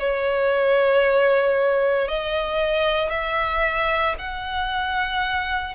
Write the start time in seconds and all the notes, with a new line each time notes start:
0.00 C#5
2.09 D#5
3.11 E5
4.19 F#5